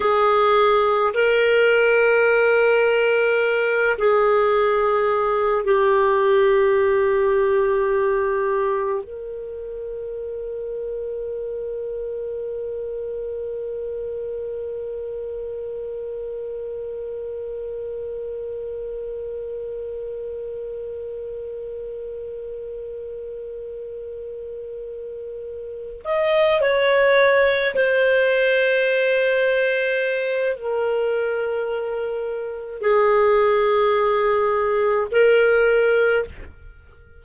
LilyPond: \new Staff \with { instrumentName = "clarinet" } { \time 4/4 \tempo 4 = 53 gis'4 ais'2~ ais'8 gis'8~ | gis'4 g'2. | ais'1~ | ais'1~ |
ais'1~ | ais'2. dis''8 cis''8~ | cis''8 c''2~ c''8 ais'4~ | ais'4 gis'2 ais'4 | }